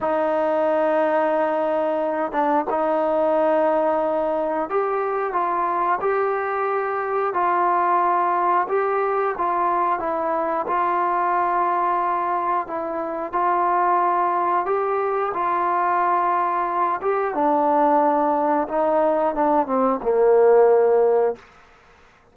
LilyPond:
\new Staff \with { instrumentName = "trombone" } { \time 4/4 \tempo 4 = 90 dis'2.~ dis'8 d'8 | dis'2. g'4 | f'4 g'2 f'4~ | f'4 g'4 f'4 e'4 |
f'2. e'4 | f'2 g'4 f'4~ | f'4. g'8 d'2 | dis'4 d'8 c'8 ais2 | }